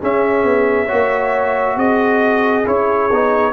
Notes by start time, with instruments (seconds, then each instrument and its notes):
0.00 trombone C#4, tuba C#4, horn G#4, trumpet E5
0.44 tuba B3
0.86 tuba A#3, trombone F#4, horn C#5
1.76 tuba C4, horn G#4, trumpet D#5
2.66 tuba C#4, trombone E4, trumpet C#5
3.11 tuba B3, trombone D#4